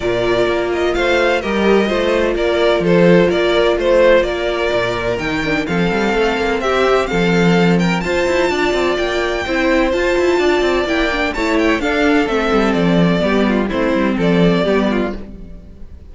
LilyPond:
<<
  \new Staff \with { instrumentName = "violin" } { \time 4/4 \tempo 4 = 127 d''4. dis''8 f''4 dis''4~ | dis''4 d''4 c''4 d''4 | c''4 d''2 g''4 | f''2 e''4 f''4~ |
f''8 g''8 a''2 g''4~ | g''4 a''2 g''4 | a''8 g''8 f''4 e''4 d''4~ | d''4 c''4 d''2 | }
  \new Staff \with { instrumentName = "violin" } { \time 4/4 ais'2 c''4 ais'4 | c''4 ais'4 a'4 ais'4 | c''4 ais'2. | a'2 g'4 a'4~ |
a'8 ais'8 c''4 d''2 | c''2 d''2 | cis''4 a'2. | g'8 f'8 e'4 a'4 g'8 f'8 | }
  \new Staff \with { instrumentName = "viola" } { \time 4/4 f'2. g'4 | f'1~ | f'2. dis'8 d'8 | c'1~ |
c'4 f'2. | e'4 f'2 e'8 d'8 | e'4 d'4 c'2 | b4 c'2 b4 | }
  \new Staff \with { instrumentName = "cello" } { \time 4/4 ais,4 ais4 a4 g4 | a4 ais4 f4 ais4 | a4 ais4 ais,4 dis4 | f8 g8 a8 ais8 c'4 f4~ |
f4 f'8 e'8 d'8 c'8 ais4 | c'4 f'8 e'8 d'8 c'8 ais4 | a4 d'4 a8 g8 f4 | g4 a8 g8 f4 g4 | }
>>